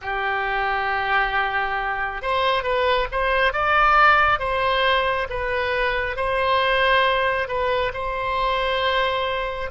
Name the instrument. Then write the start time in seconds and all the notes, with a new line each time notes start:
oboe
0.01 G4
2.22 C5
2.63 B4
3.11 C5
3.53 D5
4.39 C5
5.29 B4
6.16 C5
7.48 B4
7.93 C5